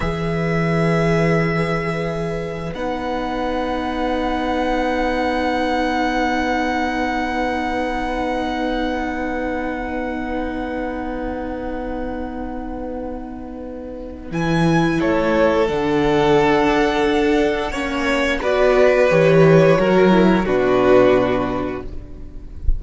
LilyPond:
<<
  \new Staff \with { instrumentName = "violin" } { \time 4/4 \tempo 4 = 88 e''1 | fis''1~ | fis''1~ | fis''1~ |
fis''1~ | fis''4 gis''4 cis''4 fis''4~ | fis''2. d''4 | cis''2 b'2 | }
  \new Staff \with { instrumentName = "violin" } { \time 4/4 b'1~ | b'1~ | b'1~ | b'1~ |
b'1~ | b'2 a'2~ | a'2 cis''4 b'4~ | b'4 ais'4 fis'2 | }
  \new Staff \with { instrumentName = "viola" } { \time 4/4 gis'1 | dis'1~ | dis'1~ | dis'1~ |
dis'1~ | dis'4 e'2 d'4~ | d'2 cis'4 fis'4 | g'4 fis'8 e'8 d'2 | }
  \new Staff \with { instrumentName = "cello" } { \time 4/4 e1 | b1~ | b1~ | b1~ |
b1~ | b4 e4 a4 d4~ | d4 d'4 ais4 b4 | e4 fis4 b,2 | }
>>